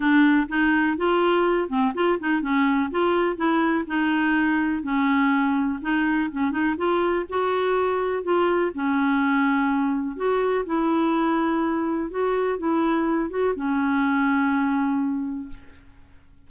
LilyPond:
\new Staff \with { instrumentName = "clarinet" } { \time 4/4 \tempo 4 = 124 d'4 dis'4 f'4. c'8 | f'8 dis'8 cis'4 f'4 e'4 | dis'2 cis'2 | dis'4 cis'8 dis'8 f'4 fis'4~ |
fis'4 f'4 cis'2~ | cis'4 fis'4 e'2~ | e'4 fis'4 e'4. fis'8 | cis'1 | }